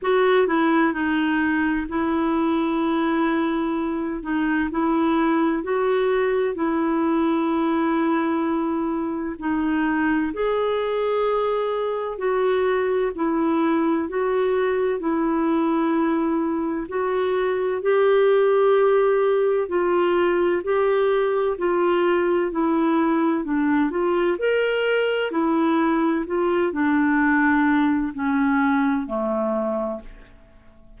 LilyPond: \new Staff \with { instrumentName = "clarinet" } { \time 4/4 \tempo 4 = 64 fis'8 e'8 dis'4 e'2~ | e'8 dis'8 e'4 fis'4 e'4~ | e'2 dis'4 gis'4~ | gis'4 fis'4 e'4 fis'4 |
e'2 fis'4 g'4~ | g'4 f'4 g'4 f'4 | e'4 d'8 f'8 ais'4 e'4 | f'8 d'4. cis'4 a4 | }